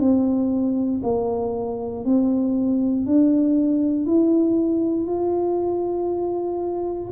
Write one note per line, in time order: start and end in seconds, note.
0.00 1.02 C4
1.04 2.05 A#3
2.05 3.06 C4
3.06 4.06 D4
4.06 5.07 E4
5.07 7.10 F4